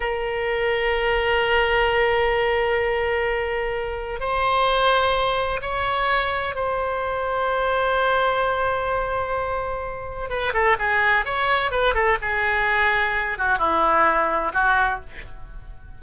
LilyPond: \new Staff \with { instrumentName = "oboe" } { \time 4/4 \tempo 4 = 128 ais'1~ | ais'1~ | ais'4 c''2. | cis''2 c''2~ |
c''1~ | c''2 b'8 a'8 gis'4 | cis''4 b'8 a'8 gis'2~ | gis'8 fis'8 e'2 fis'4 | }